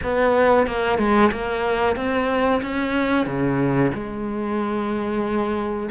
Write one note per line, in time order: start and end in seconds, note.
0.03 0.66 B3
0.66 0.98 A#3
0.98 1.30 G#3
1.31 1.96 A#3
1.96 2.61 C4
2.62 3.26 C#4
3.26 3.91 C#3
3.94 5.89 G#3